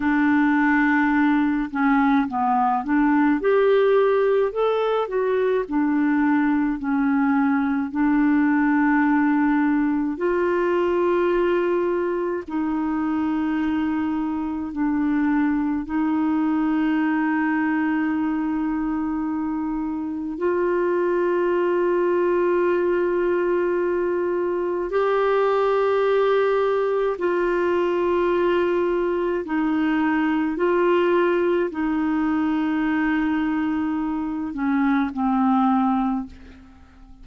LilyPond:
\new Staff \with { instrumentName = "clarinet" } { \time 4/4 \tempo 4 = 53 d'4. cis'8 b8 d'8 g'4 | a'8 fis'8 d'4 cis'4 d'4~ | d'4 f'2 dis'4~ | dis'4 d'4 dis'2~ |
dis'2 f'2~ | f'2 g'2 | f'2 dis'4 f'4 | dis'2~ dis'8 cis'8 c'4 | }